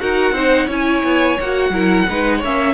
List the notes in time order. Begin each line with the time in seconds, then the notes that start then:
0.00 D#4 F#4 A#4 F#5
0.32 C4 D#4 C5
0.67 C#4 E4 C#5 G#5
1.04 B3
1.40 A#3 F#4 F#5
1.70 F#3 E4 A#4
2.10 G#3 D#4 B4
2.39 A#3 C#4 C#5
2.45 E5